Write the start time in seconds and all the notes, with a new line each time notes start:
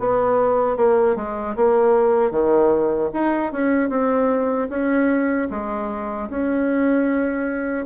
0.00 B3
0.77 A#3
1.16 G#3
1.56 A#3
2.31 D#3
3.14 D#4
3.53 C#4
3.90 C4
4.70 C#4
5.50 G#3
6.30 C#4